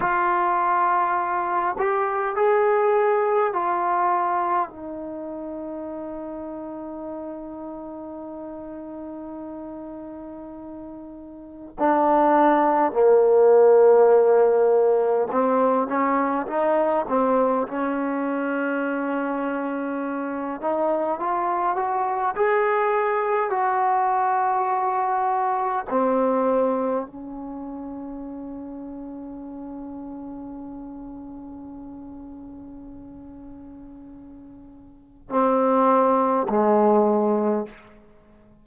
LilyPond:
\new Staff \with { instrumentName = "trombone" } { \time 4/4 \tempo 4 = 51 f'4. g'8 gis'4 f'4 | dis'1~ | dis'2 d'4 ais4~ | ais4 c'8 cis'8 dis'8 c'8 cis'4~ |
cis'4. dis'8 f'8 fis'8 gis'4 | fis'2 c'4 cis'4~ | cis'1~ | cis'2 c'4 gis4 | }